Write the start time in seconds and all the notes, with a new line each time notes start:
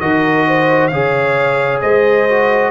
0.00 D#3 F#4 A#4 D#5
0.47 C5
0.87 C#3 G#4 C#5 F5
1.81 G#3 C5 D#5
2.29 F#4